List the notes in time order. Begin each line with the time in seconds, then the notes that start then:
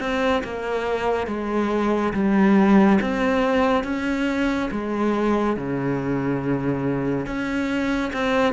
0.00 C4
0.44 A#3
1.28 G#3
2.14 G3
3.02 C4
3.84 C#4
4.71 G#3
5.57 C#3
7.27 C#4
8.14 C4